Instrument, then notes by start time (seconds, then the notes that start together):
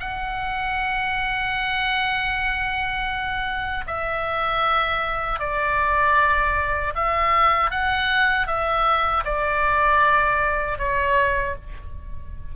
oboe
0.00 F#5
3.87 E5
5.40 D5
6.95 E5
7.71 F#5
8.47 E5
9.25 D5
10.79 C#5